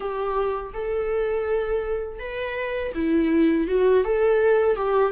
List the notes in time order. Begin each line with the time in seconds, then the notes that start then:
0.00 G4
0.73 A4
2.19 B4
2.94 E4
3.68 F#4
4.04 A4
4.76 G4